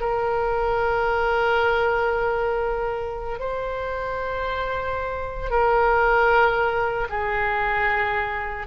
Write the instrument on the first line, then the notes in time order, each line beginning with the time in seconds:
oboe
0.00 A#4
3.39 C5
5.50 A#4
7.09 G#4